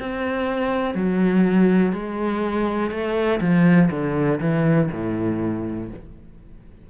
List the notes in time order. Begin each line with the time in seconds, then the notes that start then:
0.00 C4
0.95 F#3
1.93 G#3
2.91 A3
3.41 F3
3.91 D3
4.40 E3
4.92 A2